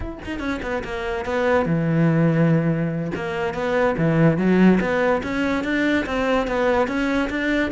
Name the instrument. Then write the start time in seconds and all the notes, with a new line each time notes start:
cello
0.00 E4
0.25 D#4
0.39 C#4
0.62 B3
0.84 A#3
1.25 B3
1.65 E3
3.15 A#3
3.54 B3
3.97 E3
4.37 F#3
4.80 B3
5.23 C#4
5.64 D4
6.06 C4
6.47 B3
6.87 C#4
7.29 D4